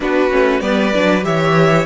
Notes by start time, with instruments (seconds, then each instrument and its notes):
0.00 cello B3, viola D4, violin F#4 B4
0.30 cello A3, viola C#4
0.60 cello G3, viola B3, violin B4 D5
0.94 cello F#3, viola D4
1.22 cello E3, viola G4, violin C#5 E5